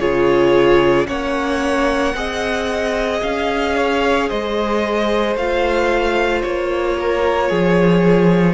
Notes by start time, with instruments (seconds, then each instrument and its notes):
0.00 cello C#3, viola F4, violin G#4 C#5
1.07 cello A#3, viola C#4, violin C#5 F#5
2.15 cello C4, viola G#4, violin D#5
3.23 cello C#4, violin F5
3.76 violin C#5
4.29 cello G#3, violin C5 D#5
5.36 cello A3, viola F4, violin F5
6.42 cello A#3, violin C#5
7.00 violin A#4
7.50 cello F3, violin G#4